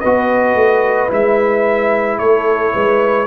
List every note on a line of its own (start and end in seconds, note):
0.00 0.55 B3
0.00 1.09 F#4
0.00 2.18 B4
0.00 1.10 D#5
0.55 1.09 A3
1.09 2.19 G#3
1.09 3.26 E4
1.09 2.18 E5
2.18 2.74 A3
2.18 2.74 A4
2.18 3.26 C#5
2.74 3.26 G#3
2.74 3.26 B4